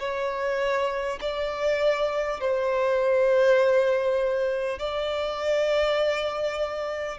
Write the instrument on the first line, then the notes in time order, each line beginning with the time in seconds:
violin
0.00 C#5
1.21 D5
2.41 C5
4.79 D5